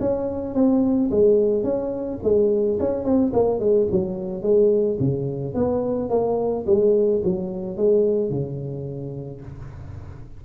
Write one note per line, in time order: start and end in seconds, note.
0.00 0.55 C#4
0.55 1.10 C4
1.11 1.64 G#3
1.64 2.19 C#4
2.23 2.79 G#3
2.80 3.04 C#4
3.04 3.32 C4
3.33 3.59 A#3
3.59 3.87 G#3
3.91 4.43 F#3
4.43 4.98 G#3
5.00 5.55 C#3
5.55 6.09 B3
6.09 6.65 A#3
6.66 7.22 G#3
7.24 7.77 F#3
7.77 8.30 G#3
8.30 9.41 C#3